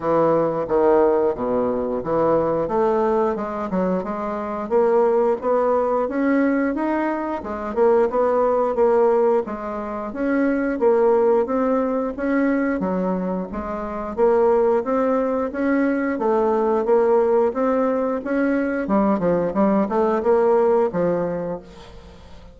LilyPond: \new Staff \with { instrumentName = "bassoon" } { \time 4/4 \tempo 4 = 89 e4 dis4 b,4 e4 | a4 gis8 fis8 gis4 ais4 | b4 cis'4 dis'4 gis8 ais8 | b4 ais4 gis4 cis'4 |
ais4 c'4 cis'4 fis4 | gis4 ais4 c'4 cis'4 | a4 ais4 c'4 cis'4 | g8 f8 g8 a8 ais4 f4 | }